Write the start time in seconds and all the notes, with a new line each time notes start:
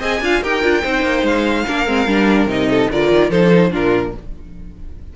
0.00 C4 G#4 D#5 G#5
0.21 D4 F4 F5
0.43 D#4 G4 A#4 G5
0.63 D4 F4
0.82 C4 D#4 C5
1.03 A#3
1.23 G#3 F5
1.66 A#3 D4 A#4
1.87 G#3 C4
2.07 G3 D4
2.46 C3 D#4 D#5
2.70 A4
2.91 D3 F4 A#4 D5
3.12 D#3
3.31 F3 D#4 A4 C5
3.45 D4
3.51 D#4
3.71 A#2 D4 F4 A#4